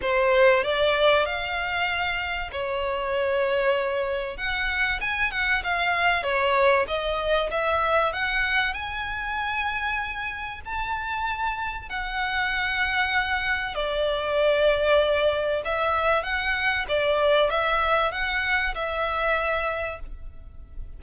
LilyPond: \new Staff \with { instrumentName = "violin" } { \time 4/4 \tempo 4 = 96 c''4 d''4 f''2 | cis''2. fis''4 | gis''8 fis''8 f''4 cis''4 dis''4 | e''4 fis''4 gis''2~ |
gis''4 a''2 fis''4~ | fis''2 d''2~ | d''4 e''4 fis''4 d''4 | e''4 fis''4 e''2 | }